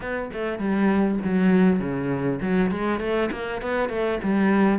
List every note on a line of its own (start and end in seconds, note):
0.00 0.30 B3
0.33 0.58 A3
0.58 1.18 G3
1.24 1.79 F#3
1.79 2.39 C#3
2.41 2.71 F#3
2.71 3.00 G#3
3.00 3.30 A3
3.31 3.61 A#3
3.61 3.89 B3
3.89 4.19 A3
4.23 4.78 G3